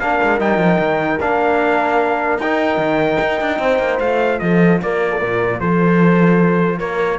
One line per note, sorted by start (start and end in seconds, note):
0.00 0.20 A#3
0.00 0.40 D4
0.00 3.62 A#4
0.00 0.40 F5
0.24 0.41 G#3
0.40 0.58 G3
0.40 1.20 D#4
0.40 1.21 G5
0.58 0.78 F3
0.80 1.20 D#3
1.21 2.39 A#3
1.21 2.41 D4
1.21 2.41 F5
2.39 2.78 D#4
2.39 4.02 D#4
2.39 4.01 G5
2.78 3.18 D#3
3.21 3.41 D#4
3.42 3.59 D4
3.59 3.79 C4
3.59 4.42 C5
3.79 3.99 A#3
4.01 4.41 A3
4.01 7.19 F4
4.01 4.40 F5
4.40 4.82 F3
4.40 4.83 A4
4.40 4.80 D#5
4.82 5.22 A#3
4.82 5.12 A#4
4.82 5.61 D5
5.12 5.20 A4
5.20 5.61 A#2
5.20 5.60 A#4
5.60 6.81 F3
5.60 6.80 A4
5.60 6.80 C5
6.80 7.19 A#3
6.80 7.19 A#4
6.80 7.19 C#5